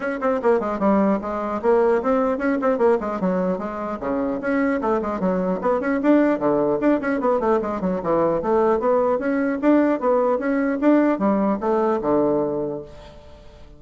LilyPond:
\new Staff \with { instrumentName = "bassoon" } { \time 4/4 \tempo 4 = 150 cis'8 c'8 ais8 gis8 g4 gis4 | ais4 c'4 cis'8 c'8 ais8 gis8 | fis4 gis4 cis4 cis'4 | a8 gis8 fis4 b8 cis'8 d'4 |
d4 d'8 cis'8 b8 a8 gis8 fis8 | e4 a4 b4 cis'4 | d'4 b4 cis'4 d'4 | g4 a4 d2 | }